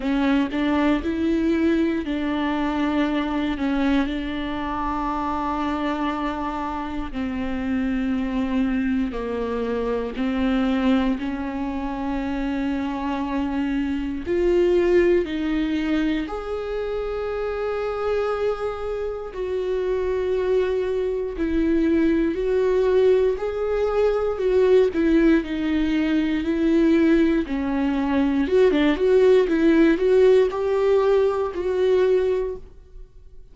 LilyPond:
\new Staff \with { instrumentName = "viola" } { \time 4/4 \tempo 4 = 59 cis'8 d'8 e'4 d'4. cis'8 | d'2. c'4~ | c'4 ais4 c'4 cis'4~ | cis'2 f'4 dis'4 |
gis'2. fis'4~ | fis'4 e'4 fis'4 gis'4 | fis'8 e'8 dis'4 e'4 cis'4 | fis'16 d'16 fis'8 e'8 fis'8 g'4 fis'4 | }